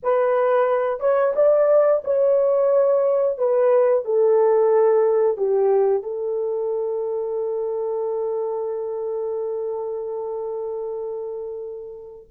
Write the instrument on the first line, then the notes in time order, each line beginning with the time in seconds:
horn
0.02 B4
0.99 C#5
1.35 D5
2.04 C#5
3.38 B4
4.04 A4
5.37 G4
6.02 A4